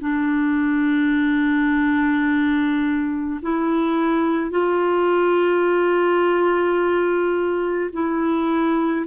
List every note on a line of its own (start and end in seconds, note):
0.00 3.40 D4
3.42 4.50 E4
4.50 7.90 F4
7.92 9.06 E4